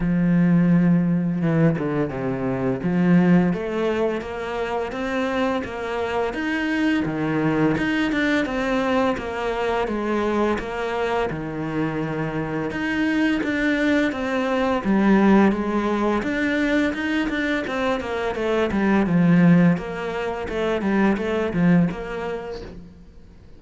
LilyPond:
\new Staff \with { instrumentName = "cello" } { \time 4/4 \tempo 4 = 85 f2 e8 d8 c4 | f4 a4 ais4 c'4 | ais4 dis'4 dis4 dis'8 d'8 | c'4 ais4 gis4 ais4 |
dis2 dis'4 d'4 | c'4 g4 gis4 d'4 | dis'8 d'8 c'8 ais8 a8 g8 f4 | ais4 a8 g8 a8 f8 ais4 | }